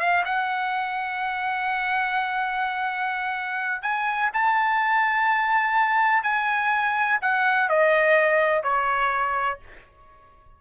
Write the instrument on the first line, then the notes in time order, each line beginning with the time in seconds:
trumpet
0.00 F5
0.25 F#5
3.82 G#5
4.34 A5
6.23 G#5
7.22 F#5
7.69 D#5
8.64 C#5